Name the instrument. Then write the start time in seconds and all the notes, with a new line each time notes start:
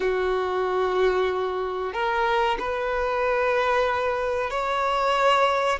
violin
0.00 F#4
1.93 A#4
2.59 B4
4.50 C#5